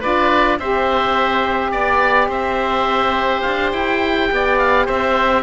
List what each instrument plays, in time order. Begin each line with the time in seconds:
0.00 cello D4, saxophone F4, oboe B4 D5
0.59 cello C4, saxophone G4, oboe C5 E5
1.71 cello B3, oboe D5
2.28 cello C4, oboe C5 E5
3.41 cello D4, oboe F5
3.73 cello E4, oboe G5
4.31 cello B3, oboe D5
4.58 oboe F5
4.86 cello C4, oboe C5 E5